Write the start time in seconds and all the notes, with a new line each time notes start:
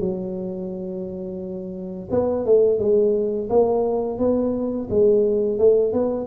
0.00 F#3
2.11 B3
2.46 A3
2.79 G#3
3.50 A#3
4.19 B3
4.90 G#3
5.58 A3
5.93 B3